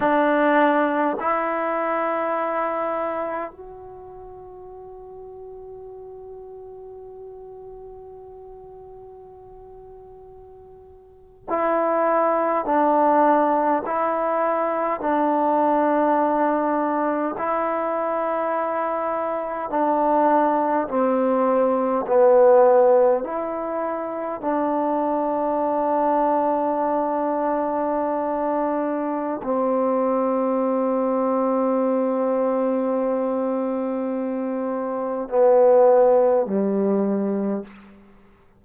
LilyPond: \new Staff \with { instrumentName = "trombone" } { \time 4/4 \tempo 4 = 51 d'4 e'2 fis'4~ | fis'1~ | fis'4.~ fis'16 e'4 d'4 e'16~ | e'8. d'2 e'4~ e'16~ |
e'8. d'4 c'4 b4 e'16~ | e'8. d'2.~ d'16~ | d'4 c'2.~ | c'2 b4 g4 | }